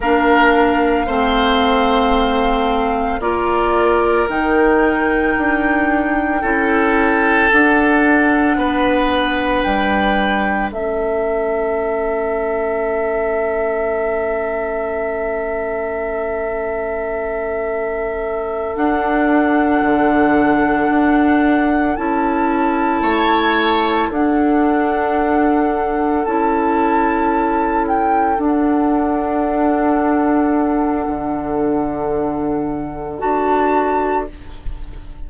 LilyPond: <<
  \new Staff \with { instrumentName = "flute" } { \time 4/4 \tempo 4 = 56 f''2. d''4 | g''2. fis''4~ | fis''4 g''4 e''2~ | e''1~ |
e''4. fis''2~ fis''8~ | fis''8 a''2 fis''4.~ | fis''8 a''4. g''8 fis''4.~ | fis''2. a''4 | }
  \new Staff \with { instrumentName = "oboe" } { \time 4/4 ais'4 c''2 ais'4~ | ais'2 a'2 | b'2 a'2~ | a'1~ |
a'1~ | a'4. cis''4 a'4.~ | a'1~ | a'1 | }
  \new Staff \with { instrumentName = "clarinet" } { \time 4/4 d'4 c'2 f'4 | dis'2 e'4 d'4~ | d'2 cis'2~ | cis'1~ |
cis'4. d'2~ d'8~ | d'8 e'2 d'4.~ | d'8 e'2 d'4.~ | d'2. fis'4 | }
  \new Staff \with { instrumentName = "bassoon" } { \time 4/4 ais4 a2 ais4 | dis4 d'4 cis'4 d'4 | b4 g4 a2~ | a1~ |
a4. d'4 d4 d'8~ | d'8 cis'4 a4 d'4.~ | d'8 cis'2 d'4.~ | d'4 d2 d'4 | }
>>